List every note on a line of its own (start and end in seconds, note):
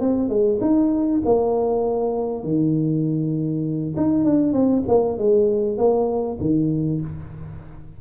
0.00 0.29 C4
0.29 0.59 G#3
0.61 1.21 D#4
1.25 2.43 A#3
2.43 3.95 D#3
3.96 4.24 D#4
4.24 4.53 D4
4.53 4.83 C4
4.88 5.18 A#3
5.18 5.77 G#3
5.77 6.38 A#3
6.40 7.01 D#3